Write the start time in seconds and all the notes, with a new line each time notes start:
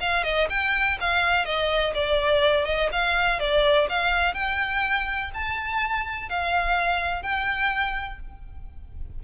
0.00 F5
0.23 D#5
0.49 G5
1.00 F5
1.45 D#5
1.94 D5
2.65 D#5
2.92 F5
3.39 D5
3.89 F5
4.34 G5
5.34 A5
6.29 F5
7.22 G5